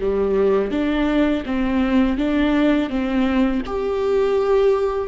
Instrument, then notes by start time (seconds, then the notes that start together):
viola
0.00 G3
0.71 D4
1.45 C4
2.18 D4
2.89 C4
3.65 G4